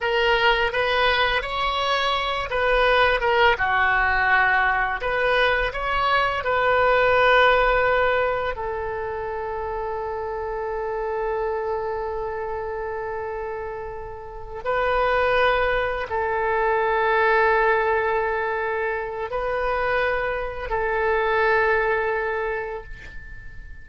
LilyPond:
\new Staff \with { instrumentName = "oboe" } { \time 4/4 \tempo 4 = 84 ais'4 b'4 cis''4. b'8~ | b'8 ais'8 fis'2 b'4 | cis''4 b'2. | a'1~ |
a'1~ | a'8 b'2 a'4.~ | a'2. b'4~ | b'4 a'2. | }